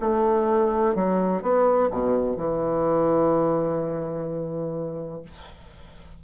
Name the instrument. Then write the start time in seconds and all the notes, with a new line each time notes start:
bassoon
0.00 A3
0.95 F#3
1.42 B3
1.90 B2
2.36 E3